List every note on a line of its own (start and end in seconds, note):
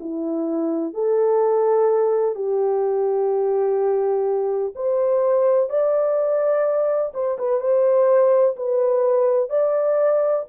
0.00 0.93 E4
0.93 2.35 A4
2.35 4.73 G4
4.75 5.69 C5
5.69 7.12 D5
7.13 7.37 C5
7.38 7.60 B4
7.60 8.55 C5
8.56 9.49 B4
9.49 10.45 D5